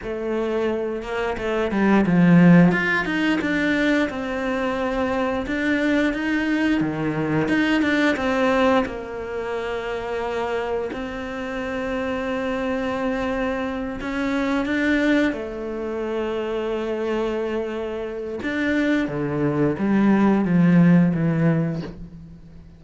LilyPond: \new Staff \with { instrumentName = "cello" } { \time 4/4 \tempo 4 = 88 a4. ais8 a8 g8 f4 | f'8 dis'8 d'4 c'2 | d'4 dis'4 dis4 dis'8 d'8 | c'4 ais2. |
c'1~ | c'8 cis'4 d'4 a4.~ | a2. d'4 | d4 g4 f4 e4 | }